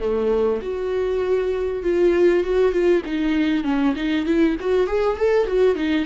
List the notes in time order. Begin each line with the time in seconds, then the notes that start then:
0.00 A3
0.62 F#4
1.83 F4
2.44 F#4
2.72 F4
3.06 D#4
3.64 C#4
3.96 D#4
4.26 E4
4.60 F#4
4.87 G#4
5.17 A4
5.47 F#4
5.75 D#4